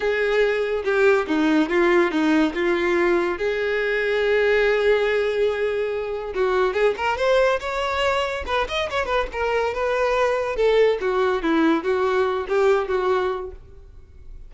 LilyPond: \new Staff \with { instrumentName = "violin" } { \time 4/4 \tempo 4 = 142 gis'2 g'4 dis'4 | f'4 dis'4 f'2 | gis'1~ | gis'2. fis'4 |
gis'8 ais'8 c''4 cis''2 | b'8 dis''8 cis''8 b'8 ais'4 b'4~ | b'4 a'4 fis'4 e'4 | fis'4. g'4 fis'4. | }